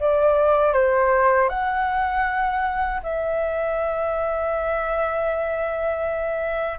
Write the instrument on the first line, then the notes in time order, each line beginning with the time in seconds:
flute
0.00 D5
0.74 C5
1.49 F#5
3.03 E5